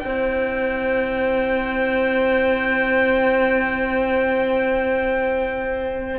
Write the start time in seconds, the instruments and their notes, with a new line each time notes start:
0.00 cello C4, trombone E4, clarinet C5, violin G5